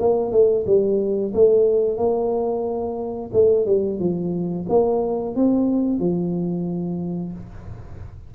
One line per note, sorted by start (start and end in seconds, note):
0.00 0.32 A#3
0.32 0.65 A3
0.66 1.33 G3
1.34 1.98 A3
1.98 3.31 A#3
3.33 3.66 A3
3.66 4.00 G3
4.00 4.66 F3
4.69 5.36 A#3
5.36 6.00 C4
6.00 7.33 F3